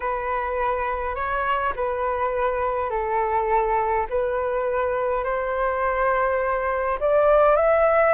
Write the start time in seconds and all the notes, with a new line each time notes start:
0.00 B4
1.15 C#5
1.75 B4
2.89 A4
4.09 B4
5.24 C5
7.00 D5
7.56 E5